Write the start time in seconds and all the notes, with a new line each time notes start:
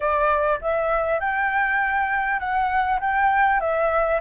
0.00 D5
0.61 E5
1.20 G5
2.39 F#5
3.00 G5
3.60 E5